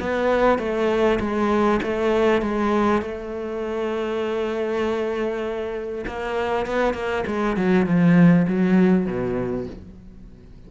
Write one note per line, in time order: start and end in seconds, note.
0.00 0.58 B3
0.58 1.19 A3
1.20 1.80 G#3
1.82 2.42 A3
2.42 3.02 G#3
3.02 6.05 A3
6.06 6.66 A#3
6.66 6.94 B3
6.94 7.24 A#3
7.26 7.56 G#3
7.56 7.86 F#3
7.86 8.47 F3
8.48 9.06 F#3
9.06 9.67 B2